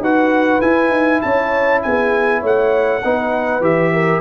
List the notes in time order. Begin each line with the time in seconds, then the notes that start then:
0.00 D#4 F#4 B4 F#5
0.61 E4 G#5
0.90 D#4
1.21 C#4 C#5 A5
1.82 B3 G#4 G#5
2.40 A3 C#5 F#5
3.04 B3 D#4 B4
3.60 E3 G4 E5
3.93 A#4